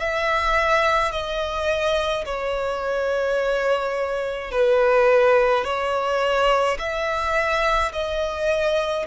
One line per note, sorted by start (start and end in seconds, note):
0.00 1.12 E5
1.12 2.25 D#5
2.25 4.52 C#5
4.52 5.65 B4
5.65 6.78 C#5
6.79 7.92 E5
7.92 9.06 D#5